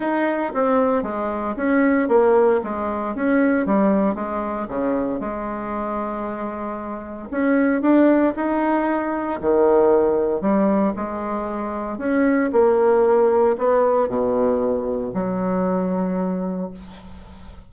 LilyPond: \new Staff \with { instrumentName = "bassoon" } { \time 4/4 \tempo 4 = 115 dis'4 c'4 gis4 cis'4 | ais4 gis4 cis'4 g4 | gis4 cis4 gis2~ | gis2 cis'4 d'4 |
dis'2 dis2 | g4 gis2 cis'4 | ais2 b4 b,4~ | b,4 fis2. | }